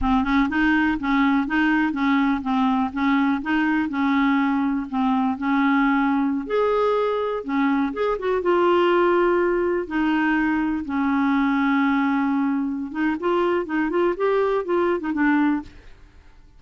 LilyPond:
\new Staff \with { instrumentName = "clarinet" } { \time 4/4 \tempo 4 = 123 c'8 cis'8 dis'4 cis'4 dis'4 | cis'4 c'4 cis'4 dis'4 | cis'2 c'4 cis'4~ | cis'4~ cis'16 gis'2 cis'8.~ |
cis'16 gis'8 fis'8 f'2~ f'8.~ | f'16 dis'2 cis'4.~ cis'16~ | cis'2~ cis'8 dis'8 f'4 | dis'8 f'8 g'4 f'8. dis'16 d'4 | }